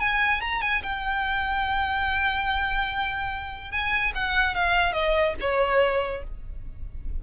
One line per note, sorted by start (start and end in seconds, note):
0.00 0.41 G#5
0.41 0.62 A#5
0.62 0.82 G#5
0.83 3.71 G5
3.71 4.12 G#5
4.15 4.54 F#5
4.54 4.93 F5
4.93 5.34 D#5
5.40 6.23 C#5